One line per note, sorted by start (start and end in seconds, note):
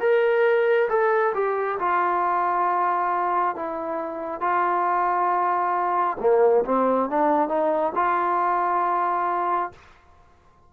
0.00 0.88 A#4
0.89 1.33 A4
1.34 1.78 G4
1.79 3.55 F4
3.55 4.41 E4
4.41 6.17 F4
6.20 6.64 A#3
6.65 7.09 C4
7.09 7.48 D4
7.48 7.92 D#4
7.95 9.72 F4